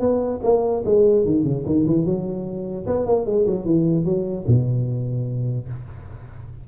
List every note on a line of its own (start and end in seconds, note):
0.00 0.40 B3
0.43 0.83 A#3
0.85 1.25 G#3
1.25 1.44 D#3
1.44 1.64 C#3
1.66 1.86 D#3
1.86 2.05 E3
2.05 2.86 F#3
2.87 3.06 B3
3.06 3.26 A#3
3.26 3.46 G#3
3.46 3.65 F#3
3.65 4.05 E3
4.05 4.45 F#3
4.47 5.68 B2